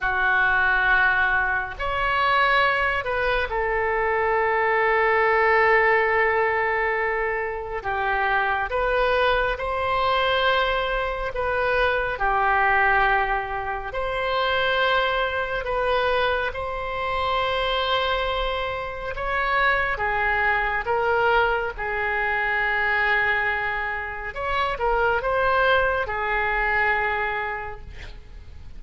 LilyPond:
\new Staff \with { instrumentName = "oboe" } { \time 4/4 \tempo 4 = 69 fis'2 cis''4. b'8 | a'1~ | a'4 g'4 b'4 c''4~ | c''4 b'4 g'2 |
c''2 b'4 c''4~ | c''2 cis''4 gis'4 | ais'4 gis'2. | cis''8 ais'8 c''4 gis'2 | }